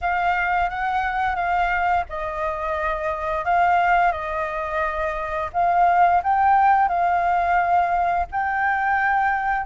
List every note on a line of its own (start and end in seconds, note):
0.01 0.69 F5
0.69 1.35 F#5
1.35 2.04 F5
2.09 3.45 D#5
3.45 4.12 F5
4.12 5.50 D#5
5.53 6.22 F5
6.23 6.88 G5
6.88 8.26 F5
8.31 9.65 G5